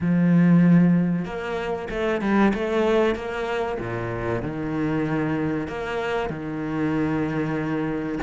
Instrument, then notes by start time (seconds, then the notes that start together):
cello
0.01 F3
1.25 A#3
1.90 A3
2.21 G3
2.54 A3
3.15 A#3
3.79 A#2
4.42 D#3
5.67 A#3
6.29 D#3